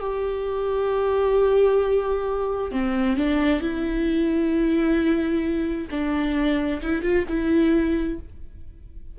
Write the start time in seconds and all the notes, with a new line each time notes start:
0.00 G4
2.71 C4
3.17 D4
3.61 E4
5.91 D4
6.82 E4
7.02 F4
7.28 E4